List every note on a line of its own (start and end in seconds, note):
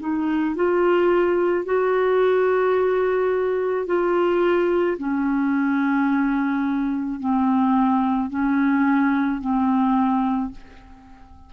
0.00 0.56 D#4
0.56 1.65 F4
1.65 3.86 F#4
3.86 4.97 F4
4.98 7.20 C#4
7.20 8.30 C4
8.30 9.40 C#4
9.40 10.52 C4